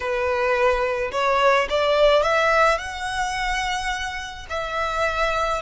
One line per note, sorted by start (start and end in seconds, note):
0.00 1.11 B4
1.11 1.67 C#5
1.69 2.23 D5
2.23 2.78 E5
2.78 4.46 F#5
4.49 5.61 E5